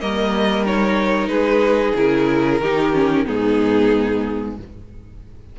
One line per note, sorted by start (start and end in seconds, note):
0.00 1.28 G3
0.00 0.65 A#3
0.00 1.30 A#4
0.00 0.65 D#5
0.65 1.96 D#4
0.65 1.27 C#5
1.27 1.93 G#3
1.27 2.61 G#4
1.27 1.92 B4
1.95 2.60 C#3
1.95 2.61 E4
1.95 3.25 A#4
2.60 3.25 D#3
2.60 2.92 D#4
2.60 3.25 G4
2.92 3.25 C#4
3.25 4.59 G#2
3.25 4.55 B3
3.25 4.56 D#4
3.25 4.56 G#4